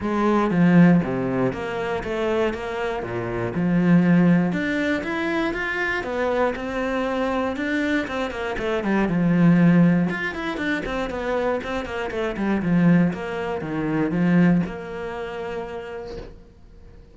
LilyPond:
\new Staff \with { instrumentName = "cello" } { \time 4/4 \tempo 4 = 119 gis4 f4 c4 ais4 | a4 ais4 ais,4 f4~ | f4 d'4 e'4 f'4 | b4 c'2 d'4 |
c'8 ais8 a8 g8 f2 | f'8 e'8 d'8 c'8 b4 c'8 ais8 | a8 g8 f4 ais4 dis4 | f4 ais2. | }